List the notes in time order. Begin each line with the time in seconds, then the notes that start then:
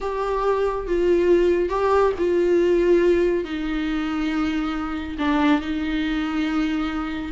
0.00 G4
0.87 F4
1.69 G4
2.18 F4
3.44 D#4
5.18 D4
5.61 D#4